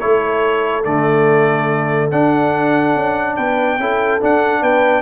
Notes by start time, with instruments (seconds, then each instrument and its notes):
0.00 tuba A3, trombone E4, horn A4, trumpet C#5
0.84 tuba D3, trombone A3, trumpet D5
2.11 trombone D4, tuba D4, trumpet F#5
2.95 tuba C#4
3.36 tuba B3, horn B4, trumpet G5
3.79 tuba C#4, trombone E4, horn A4
4.21 trombone D4, tuba D4, trumpet F#5
4.61 tuba B3, horn B4, trumpet G5